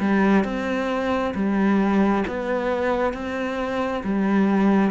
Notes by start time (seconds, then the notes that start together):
0.00 G3
0.44 C4
1.35 G3
2.28 B3
3.14 C4
4.04 G3